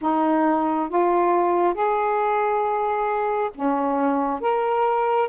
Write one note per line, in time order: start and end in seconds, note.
0.01 0.89 D#4
0.89 1.74 F4
1.74 3.50 G#4
3.55 4.40 C#4
4.40 5.28 A#4